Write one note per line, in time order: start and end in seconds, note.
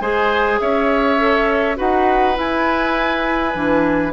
0.00 0.59 G#3
0.00 1.18 G#4
0.00 0.59 C5
0.00 0.59 G#5
0.59 1.78 C#4
0.59 1.77 C#5
0.59 1.77 E5
1.18 1.76 A4
1.76 2.37 D#4
1.76 2.34 F#4
1.76 4.12 B4
1.76 2.37 F#5
2.34 3.52 E4
2.34 3.54 E4
2.34 4.13 G#5
3.54 4.13 E3
3.54 4.13 D4